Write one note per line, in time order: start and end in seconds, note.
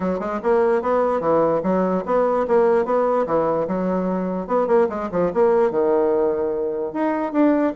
0.00 0.19 F#3
0.19 0.40 G#3
0.42 0.82 A#3
0.82 1.20 B3
1.20 1.61 E3
1.63 2.04 F#3
2.05 2.46 B3
2.47 2.85 A#3
2.85 3.26 B3
3.26 3.67 E3
3.67 4.47 F#3
4.47 4.67 B3
4.67 4.87 A#3
4.89 5.09 G#3
5.11 5.32 F3
5.33 5.71 A#3
5.71 6.93 D#3
6.93 7.32 D#4
7.32 7.73 D4